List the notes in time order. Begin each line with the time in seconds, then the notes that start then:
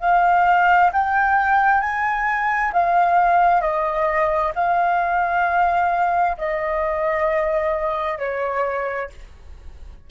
0.00 F5
0.93 G5
1.81 G#5
2.73 F5
3.61 D#5
4.55 F5
6.38 D#5
8.19 C#5